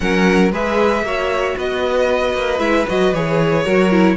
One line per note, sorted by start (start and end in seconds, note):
0.00 0.52 F#3
0.00 0.51 C#4
0.00 0.51 A#4
0.00 0.51 F#5
0.51 1.02 G#3
0.51 1.05 G#4
0.51 1.04 B4
0.51 1.58 E5
1.02 1.54 A#3
1.02 2.59 F#4
1.02 1.57 C#5
1.57 2.34 B3
1.57 3.64 B4
1.57 2.59 D#5
2.34 2.59 A#3
2.59 2.85 G#3
2.59 2.85 E4
2.59 2.85 E5
2.88 3.13 F#3
2.88 3.14 F#4
2.88 3.14 D#5
3.13 3.65 E3
3.13 3.65 G#4
3.13 4.16 C#5
3.64 4.16 F#3
3.64 3.91 F#4
3.64 4.16 A#4
3.91 4.16 E4